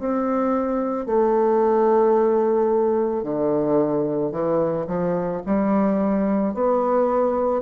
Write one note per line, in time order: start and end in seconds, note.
0.00 1.06 C4
1.06 3.23 A3
3.23 4.32 D3
4.32 4.86 E3
4.87 5.42 F3
5.46 6.54 G3
6.54 7.62 B3